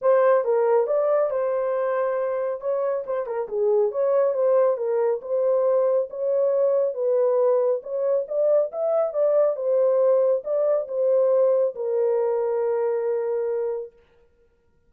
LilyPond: \new Staff \with { instrumentName = "horn" } { \time 4/4 \tempo 4 = 138 c''4 ais'4 d''4 c''4~ | c''2 cis''4 c''8 ais'8 | gis'4 cis''4 c''4 ais'4 | c''2 cis''2 |
b'2 cis''4 d''4 | e''4 d''4 c''2 | d''4 c''2 ais'4~ | ais'1 | }